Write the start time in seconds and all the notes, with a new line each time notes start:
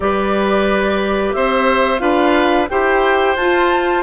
0.00 G3 G4 B4 D5
1.33 C4 C5 E5
1.99 D4 F4 B4 F5
2.69 E4 G4 C5 G5
3.35 F4 A5